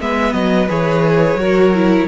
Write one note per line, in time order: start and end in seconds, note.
0.00 0.33 G#3
0.00 0.68 B3
0.00 1.40 B4
0.00 0.33 E5
0.33 0.68 F#3
0.33 0.68 D#5
0.68 1.34 E3
0.68 1.38 G#4
0.68 2.08 C#5
1.34 2.04 F#3
1.34 1.73 F#4
1.34 2.08 A#4
1.74 2.08 E4